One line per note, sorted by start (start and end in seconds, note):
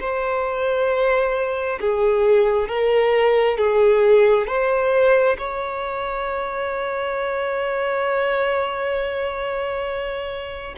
0.00 1.79 C5
1.80 2.68 G#4
2.68 3.57 A#4
3.57 4.47 G#4
4.47 5.36 C5
5.37 10.75 C#5